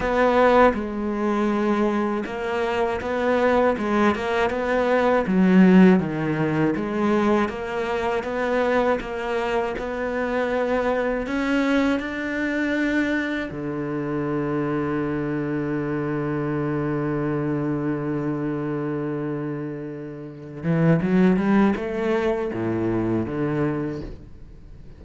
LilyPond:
\new Staff \with { instrumentName = "cello" } { \time 4/4 \tempo 4 = 80 b4 gis2 ais4 | b4 gis8 ais8 b4 fis4 | dis4 gis4 ais4 b4 | ais4 b2 cis'4 |
d'2 d2~ | d1~ | d2.~ d8 e8 | fis8 g8 a4 a,4 d4 | }